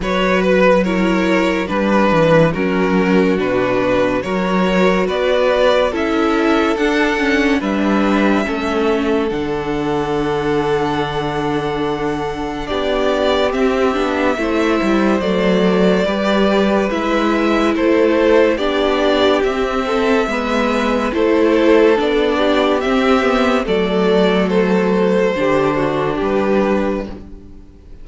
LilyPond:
<<
  \new Staff \with { instrumentName = "violin" } { \time 4/4 \tempo 4 = 71 cis''8 b'8 cis''4 b'4 ais'4 | b'4 cis''4 d''4 e''4 | fis''4 e''2 fis''4~ | fis''2. d''4 |
e''2 d''2 | e''4 c''4 d''4 e''4~ | e''4 c''4 d''4 e''4 | d''4 c''2 b'4 | }
  \new Staff \with { instrumentName = "violin" } { \time 4/4 b'4 ais'4 b'4 fis'4~ | fis'4 ais'4 b'4 a'4~ | a'4 b'4 a'2~ | a'2. g'4~ |
g'4 c''2 b'4~ | b'4 a'4 g'4. a'8 | b'4 a'4. g'4. | a'2 g'8 fis'8 g'4 | }
  \new Staff \with { instrumentName = "viola" } { \time 4/4 fis'4 e'4 d'4 cis'4 | d'4 fis'2 e'4 | d'8 cis'8 d'4 cis'4 d'4~ | d'1 |
c'8 d'8 e'4 a4 g'4 | e'2 d'4 c'4 | b4 e'4 d'4 c'8 b8 | a2 d'2 | }
  \new Staff \with { instrumentName = "cello" } { \time 4/4 fis2 g8 e8 fis4 | b,4 fis4 b4 cis'4 | d'4 g4 a4 d4~ | d2. b4 |
c'8 b8 a8 g8 fis4 g4 | gis4 a4 b4 c'4 | gis4 a4 b4 c'4 | fis2 d4 g4 | }
>>